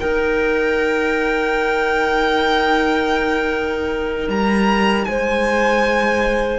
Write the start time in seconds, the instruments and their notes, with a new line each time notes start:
0.00 viola D#4, cello D#4, clarinet A#4, violin G5
4.29 cello G3, violin A#5
5.05 cello G#3, clarinet C5, violin G#5